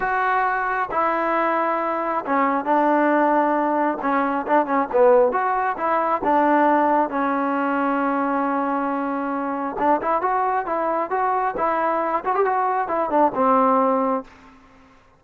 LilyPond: \new Staff \with { instrumentName = "trombone" } { \time 4/4 \tempo 4 = 135 fis'2 e'2~ | e'4 cis'4 d'2~ | d'4 cis'4 d'8 cis'8 b4 | fis'4 e'4 d'2 |
cis'1~ | cis'2 d'8 e'8 fis'4 | e'4 fis'4 e'4. fis'16 g'16 | fis'4 e'8 d'8 c'2 | }